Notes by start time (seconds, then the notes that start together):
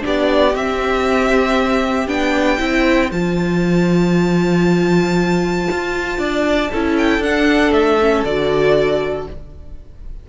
0.00 B3 D4 G4
0.06 D5
0.54 C4 E5
2.07 B3 D4 G5
2.58 C4 E4 C5
3.11 F3 F4 A5
5.71 F4
6.18 D4 D5
6.71 C#4 E4 A4
6.97 G5
7.18 D4 F#5
7.71 A3 E5
8.01 C#4
8.24 D3 F#4 D5